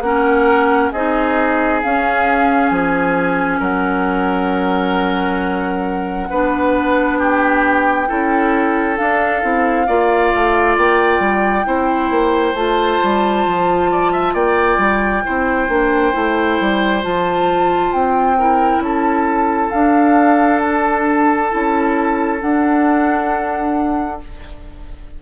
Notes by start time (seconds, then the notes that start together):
0.00 A#3 C#4 A#4 F#5
0.91 C4 D#4 G#4 D#5
1.82 C#4 F5
2.69 F3 G#5
3.59 F#3 A#4 F#5
6.29 B3 D4 B4
7.18 G4 G5
8.08 C#4 E4 A4
8.96 D4 F5
9.41 C4 E4
9.87 A#3 F4 D5
10.34 A3
10.77 A#3 G5
11.19 G3
11.64 C4 E4 C5
12.10 A#3
12.53 A3 F4 A5
13.03 G3
13.46 F3
13.91 D5
14.12 E5
14.33 A#3 D5 G5
14.77 G3
15.24 C4 E4 C5
15.68 A#3 D4
16.12 A3 E4
16.60 G3
17.02 F3 F4 A5
17.92 C4 G5
18.38 E4 A#4
18.79 C#4 A4 A5
19.70 D4 F5
20.61 A5
21.50 C#4 E4
22.39 D4 F#5